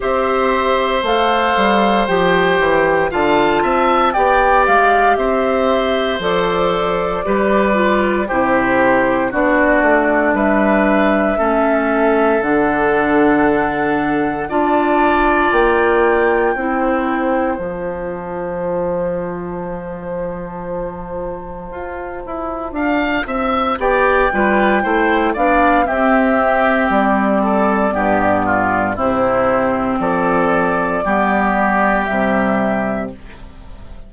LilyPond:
<<
  \new Staff \with { instrumentName = "flute" } { \time 4/4 \tempo 4 = 58 e''4 f''4 g''4 a''4 | g''8 f''8 e''4 d''2 | c''4 d''4 e''2 | fis''2 a''4 g''4~ |
g''4 a''2.~ | a''2. g''4~ | g''8 f''8 e''4 d''2 | c''4 d''2 e''4 | }
  \new Staff \with { instrumentName = "oboe" } { \time 4/4 c''2. f''8 e''8 | d''4 c''2 b'4 | g'4 fis'4 b'4 a'4~ | a'2 d''2 |
c''1~ | c''2 f''8 e''8 d''8 b'8 | c''8 d''8 g'4. a'8 g'8 f'8 | e'4 a'4 g'2 | }
  \new Staff \with { instrumentName = "clarinet" } { \time 4/4 g'4 a'4 g'4 f'4 | g'2 a'4 g'8 f'8 | e'4 d'2 cis'4 | d'2 f'2 |
e'4 f'2.~ | f'2. g'8 f'8 | e'8 d'8 c'2 b4 | c'2 b4 g4 | }
  \new Staff \with { instrumentName = "bassoon" } { \time 4/4 c'4 a8 g8 f8 e8 d8 c'8 | b8 gis8 c'4 f4 g4 | c4 b8 a8 g4 a4 | d2 d'4 ais4 |
c'4 f2.~ | f4 f'8 e'8 d'8 c'8 b8 g8 | a8 b8 c'4 g4 g,4 | c4 f4 g4 c4 | }
>>